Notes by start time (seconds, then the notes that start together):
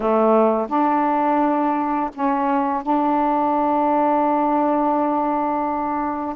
0.00 A3
0.68 D4
2.14 C#4
2.82 D4